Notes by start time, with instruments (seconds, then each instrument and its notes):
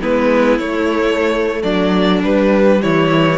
0.00 cello G#3, viola B3, violin E4 B4
0.58 cello A3, viola A3, violin C#5
1.62 cello F#3, violin D4 D5
2.23 cello G3, viola G3, violin B4
2.82 cello E3, violin E4 C#5